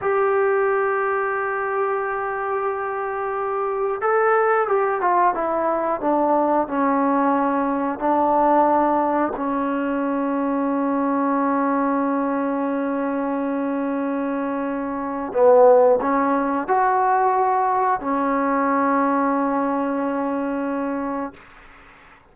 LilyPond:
\new Staff \with { instrumentName = "trombone" } { \time 4/4 \tempo 4 = 90 g'1~ | g'2 a'4 g'8 f'8 | e'4 d'4 cis'2 | d'2 cis'2~ |
cis'1~ | cis'2. b4 | cis'4 fis'2 cis'4~ | cis'1 | }